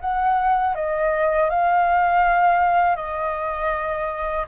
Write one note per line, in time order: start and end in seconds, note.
0.00 0.75 F#5
0.75 1.50 D#5
1.50 2.96 F5
2.96 4.46 D#5